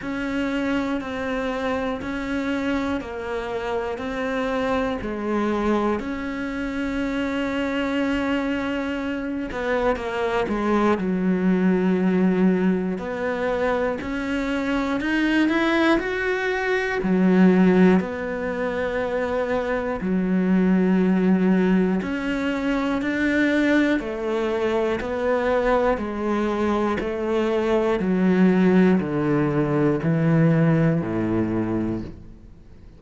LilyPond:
\new Staff \with { instrumentName = "cello" } { \time 4/4 \tempo 4 = 60 cis'4 c'4 cis'4 ais4 | c'4 gis4 cis'2~ | cis'4. b8 ais8 gis8 fis4~ | fis4 b4 cis'4 dis'8 e'8 |
fis'4 fis4 b2 | fis2 cis'4 d'4 | a4 b4 gis4 a4 | fis4 d4 e4 a,4 | }